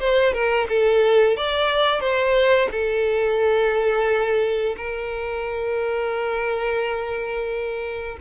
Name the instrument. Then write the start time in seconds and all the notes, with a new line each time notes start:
violin
0.00 C5
0.34 A#4
0.69 A4
1.37 D5
2.01 C5
2.71 A4
4.77 A#4